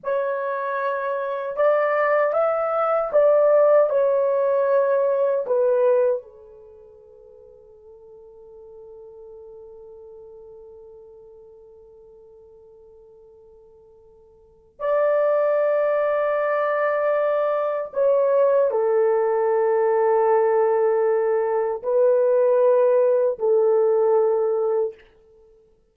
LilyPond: \new Staff \with { instrumentName = "horn" } { \time 4/4 \tempo 4 = 77 cis''2 d''4 e''4 | d''4 cis''2 b'4 | a'1~ | a'1~ |
a'2. d''4~ | d''2. cis''4 | a'1 | b'2 a'2 | }